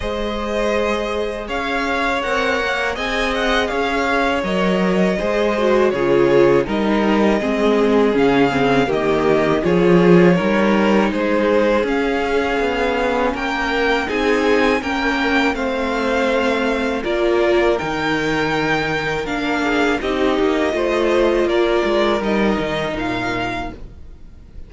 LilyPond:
<<
  \new Staff \with { instrumentName = "violin" } { \time 4/4 \tempo 4 = 81 dis''2 f''4 fis''4 | gis''8 fis''8 f''4 dis''2 | cis''4 dis''2 f''4 | dis''4 cis''2 c''4 |
f''2 g''4 gis''4 | g''4 f''2 d''4 | g''2 f''4 dis''4~ | dis''4 d''4 dis''4 f''4 | }
  \new Staff \with { instrumentName = "violin" } { \time 4/4 c''2 cis''2 | dis''4 cis''2 c''4 | gis'4 ais'4 gis'2 | g'4 gis'4 ais'4 gis'4~ |
gis'2 ais'4 gis'4 | ais'4 c''2 ais'4~ | ais'2~ ais'8 gis'8 g'4 | c''4 ais'2. | }
  \new Staff \with { instrumentName = "viola" } { \time 4/4 gis'2. ais'4 | gis'2 ais'4 gis'8 fis'8 | f'4 dis'4 c'4 cis'8 c'8 | ais4 f'4 dis'2 |
cis'2. dis'4 | cis'4 c'2 f'4 | dis'2 d'4 dis'4 | f'2 dis'2 | }
  \new Staff \with { instrumentName = "cello" } { \time 4/4 gis2 cis'4 c'8 ais8 | c'4 cis'4 fis4 gis4 | cis4 g4 gis4 cis4 | dis4 f4 g4 gis4 |
cis'4 b4 ais4 c'4 | ais4 a2 ais4 | dis2 ais4 c'8 ais8 | a4 ais8 gis8 g8 dis8 ais,4 | }
>>